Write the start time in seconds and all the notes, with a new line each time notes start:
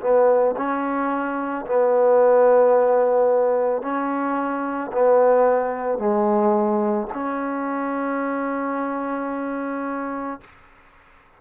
0.00 B3
0.56 C#4
1.66 B3
3.82 C#4
4.92 B3
5.98 G#3
7.13 C#4